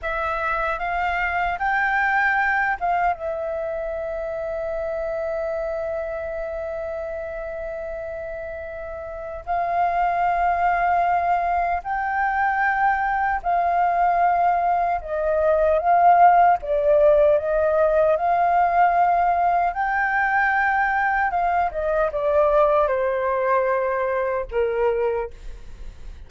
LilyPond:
\new Staff \with { instrumentName = "flute" } { \time 4/4 \tempo 4 = 76 e''4 f''4 g''4. f''8 | e''1~ | e''1 | f''2. g''4~ |
g''4 f''2 dis''4 | f''4 d''4 dis''4 f''4~ | f''4 g''2 f''8 dis''8 | d''4 c''2 ais'4 | }